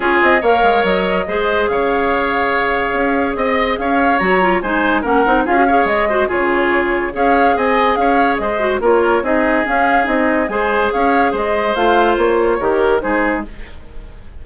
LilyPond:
<<
  \new Staff \with { instrumentName = "flute" } { \time 4/4 \tempo 4 = 143 cis''8 dis''8 f''4 dis''2 | f''1 | dis''4 f''4 ais''4 gis''4 | fis''4 f''4 dis''4 cis''4~ |
cis''4 f''4 gis''4 f''4 | dis''4 cis''4 dis''4 f''4 | dis''4 gis''4 f''4 dis''4 | f''4 cis''2 c''4 | }
  \new Staff \with { instrumentName = "oboe" } { \time 4/4 gis'4 cis''2 c''4 | cis''1 | dis''4 cis''2 c''4 | ais'4 gis'8 cis''4 c''8 gis'4~ |
gis'4 cis''4 dis''4 cis''4 | c''4 ais'4 gis'2~ | gis'4 c''4 cis''4 c''4~ | c''2 ais'4 gis'4 | }
  \new Staff \with { instrumentName = "clarinet" } { \time 4/4 f'4 ais'2 gis'4~ | gis'1~ | gis'2 fis'8 f'8 dis'4 | cis'8 dis'8 f'16 fis'16 gis'4 fis'8 f'4~ |
f'4 gis'2.~ | gis'8 fis'8 f'4 dis'4 cis'4 | dis'4 gis'2. | f'2 g'4 dis'4 | }
  \new Staff \with { instrumentName = "bassoon" } { \time 4/4 cis'8 c'8 ais8 gis8 fis4 gis4 | cis2. cis'4 | c'4 cis'4 fis4 gis4 | ais8 c'8 cis'4 gis4 cis4~ |
cis4 cis'4 c'4 cis'4 | gis4 ais4 c'4 cis'4 | c'4 gis4 cis'4 gis4 | a4 ais4 dis4 gis4 | }
>>